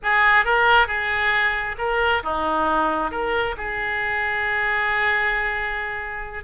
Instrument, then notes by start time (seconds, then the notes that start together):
oboe
0.02 G#4
0.44 A#4
0.87 G#4
1.78 A#4
2.23 D#4
3.11 A#4
3.57 G#4